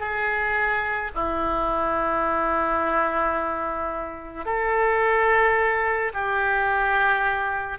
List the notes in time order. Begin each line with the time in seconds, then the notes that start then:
0.00 G#4
1.15 E4
4.46 A4
6.14 G4